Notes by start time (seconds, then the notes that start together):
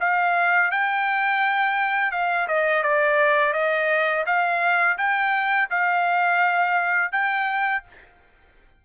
0.00 F5
0.71 G5
2.12 F5
2.48 D#5
2.83 D5
3.53 D#5
4.26 F5
4.98 G5
5.70 F5
7.12 G5